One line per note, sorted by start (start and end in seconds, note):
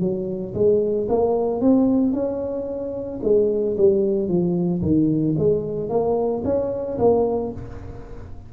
0.00 0.54 F#3
0.54 1.08 G#3
1.09 1.61 A#3
1.61 2.13 C4
2.13 3.20 C#4
3.23 3.76 G#3
3.77 4.28 G3
4.28 4.82 F3
4.82 5.36 D#3
5.38 5.89 G#3
5.89 6.43 A#3
6.44 6.98 C#4
6.98 7.52 A#3